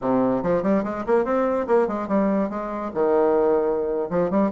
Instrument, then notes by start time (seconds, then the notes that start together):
bassoon
0.01 C3
0.42 F3
0.62 G3
0.83 G#3
1.06 A#3
1.25 C4
1.67 A#3
1.87 G#3
2.08 G3
2.49 G#3
2.94 D#3
4.09 F3
4.30 G3